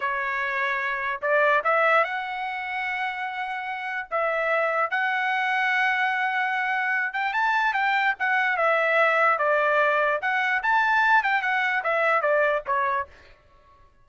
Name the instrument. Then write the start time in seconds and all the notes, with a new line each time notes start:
trumpet
0.00 C#5
1.21 D5
1.64 E5
2.04 F#5
4.10 E5
4.90 F#5
7.13 G5
7.33 A5
7.73 G5
8.19 F#5
8.56 E5
9.38 D5
10.21 F#5
10.62 A5
11.23 G5
11.42 F#5
11.83 E5
12.21 D5
12.66 C#5